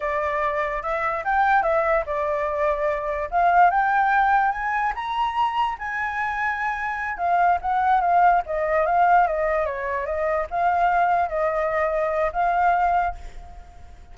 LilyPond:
\new Staff \with { instrumentName = "flute" } { \time 4/4 \tempo 4 = 146 d''2 e''4 g''4 | e''4 d''2. | f''4 g''2 gis''4 | ais''2 gis''2~ |
gis''4. f''4 fis''4 f''8~ | f''8 dis''4 f''4 dis''4 cis''8~ | cis''8 dis''4 f''2 dis''8~ | dis''2 f''2 | }